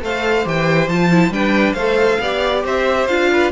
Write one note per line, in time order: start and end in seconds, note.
0.00 0.45 A3
0.00 0.44 A4
0.00 1.33 C5
0.00 0.48 F5
0.44 0.87 E3
0.44 0.88 G4
0.44 0.88 G5
0.87 1.29 F3
0.87 1.11 F4
0.87 1.32 A5
1.11 1.32 E4
1.29 1.73 G3
1.29 1.76 D4
1.29 1.74 B4
1.29 1.73 G5
1.73 2.17 A3
1.73 2.22 A4
1.73 2.18 C5
1.73 2.60 F5
2.20 2.64 B3
2.20 3.08 G4
2.20 2.64 D5
2.64 3.08 C4
2.64 3.30 C5
2.64 3.07 E5
3.07 3.51 D4
3.07 3.51 F4
3.07 3.51 F5
3.31 3.51 B4